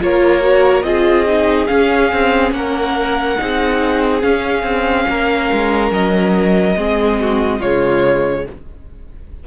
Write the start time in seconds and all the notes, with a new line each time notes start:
0.00 A#3 F4 A#4 C#5
0.41 F#4
0.83 C4 F4 G#4 D#5
1.27 D#4
1.67 C#4 F5
2.13 C4
2.52 A#3 A#4 F#5
3.37 C4 D#4 G#4
4.22 C#4 F5
4.63 C4
5.08 A#3 A#4
5.52 G#3
5.91 F#3 D#5
6.77 G#3 C4 G#4
7.21 F#4
7.60 C#3 G#3 F4 C#5